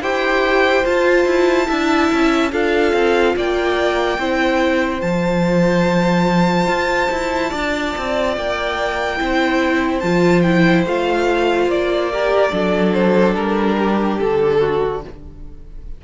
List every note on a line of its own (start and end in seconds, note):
0.00 0.83 E4
0.00 0.85 G4
0.00 1.67 C5
0.00 0.85 G5
0.85 1.26 F4
0.85 1.67 F4
0.85 2.52 A5
1.26 1.67 E4
1.67 2.11 D4
1.67 2.51 E4
1.67 2.51 E5
2.12 2.52 C#4
2.51 2.93 D4
2.51 4.18 F4
2.51 3.35 A4
2.51 3.36 F5
2.93 3.34 C4
3.36 4.18 A#3
3.36 4.19 D5
3.36 5.01 G5
4.18 5.01 C4
4.18 5.01 E4
4.18 7.49 C5
5.01 6.66 F3
5.01 9.17 F4
5.01 8.34 A5
6.66 7.08 F4
7.11 7.53 E4
7.49 7.95 D4
7.49 9.16 D5
7.97 8.37 C4
8.37 9.20 A#3
8.37 9.99 G5
9.17 10.02 C4
9.17 10.01 E4
9.17 12.11 C5
9.99 10.85 F3
9.99 10.44 F4
9.99 10.41 A5
10.41 10.86 E4
10.41 10.83 G5
10.85 11.66 A3
10.85 12.11 F4
10.85 11.70 F5
11.66 12.50 A#3
11.66 12.92 D5
12.11 12.50 G4
12.11 12.51 A#4
12.50 13.35 F#3
12.50 15.00 D4
12.50 13.76 A4
12.92 13.34 C5
13.35 14.18 G3
13.35 14.18 A#4
13.77 14.59 G4
14.18 15.04 D3
14.18 15.01 A4
14.59 15.01 F#4